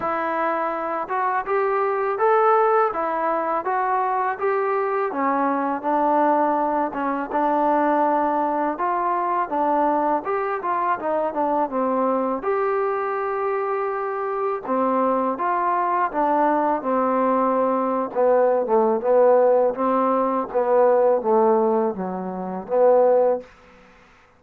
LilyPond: \new Staff \with { instrumentName = "trombone" } { \time 4/4 \tempo 4 = 82 e'4. fis'8 g'4 a'4 | e'4 fis'4 g'4 cis'4 | d'4. cis'8 d'2 | f'4 d'4 g'8 f'8 dis'8 d'8 |
c'4 g'2. | c'4 f'4 d'4 c'4~ | c'8. b8. a8 b4 c'4 | b4 a4 fis4 b4 | }